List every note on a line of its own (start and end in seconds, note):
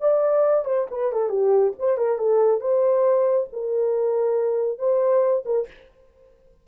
0.00 0.65 D5
0.65 0.87 C5
0.90 1.12 B4
1.12 1.29 A4
1.29 1.72 G4
1.79 1.97 C5
1.97 2.18 A#4
2.18 2.60 A4
2.60 3.47 C5
3.52 4.78 A#4
4.78 5.43 C5
5.45 5.67 A#4